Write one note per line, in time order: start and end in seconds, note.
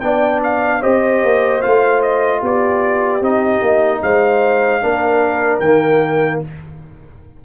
0.00 0.82 B3
0.00 0.82 D4
0.00 0.80 D5
0.00 0.40 G5
0.43 0.82 F5
0.80 1.23 C4
0.80 1.62 G4
0.80 2.40 C5
0.80 1.61 D#5
1.23 1.63 A#3
1.61 2.42 A3
1.61 3.22 F4
1.61 2.01 F5
2.02 2.42 D#5
2.41 3.21 B3
2.41 4.01 G4
2.41 3.24 D5
3.21 3.61 C4
3.21 4.81 D#4
3.21 4.02 D#5
3.61 4.01 A#3
4.02 4.82 G#3
4.02 4.83 C5
4.02 5.60 F5
4.81 5.60 A#3
4.81 5.61 D4
4.81 6.43 A#4
5.60 6.40 D#3
5.60 6.45 A#3
5.60 6.40 G5